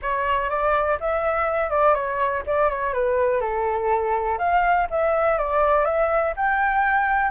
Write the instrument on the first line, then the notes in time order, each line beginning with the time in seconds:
flute
0.01 C#5
0.49 D5
1.00 E5
1.70 D5
1.94 C#5
2.46 D5
2.69 C#5
2.93 B4
3.40 A4
4.38 F5
4.90 E5
5.38 D5
5.84 E5
6.36 G5